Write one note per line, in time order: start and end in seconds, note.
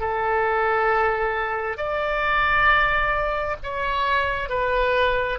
0.00 1.77 A4
1.77 3.56 D5
3.63 4.49 C#5
4.49 5.39 B4